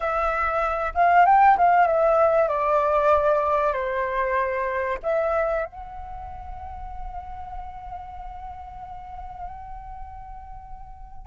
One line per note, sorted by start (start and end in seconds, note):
0.00 0.93 E5
0.94 1.25 F5
1.25 1.57 G5
1.57 1.87 F5
1.87 2.48 E5
2.48 3.73 D5
3.73 4.98 C5
5.02 5.65 E5
5.65 11.26 F#5